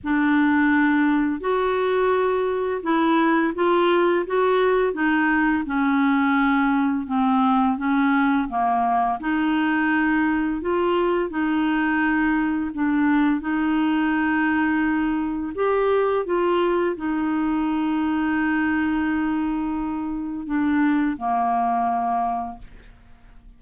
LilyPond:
\new Staff \with { instrumentName = "clarinet" } { \time 4/4 \tempo 4 = 85 d'2 fis'2 | e'4 f'4 fis'4 dis'4 | cis'2 c'4 cis'4 | ais4 dis'2 f'4 |
dis'2 d'4 dis'4~ | dis'2 g'4 f'4 | dis'1~ | dis'4 d'4 ais2 | }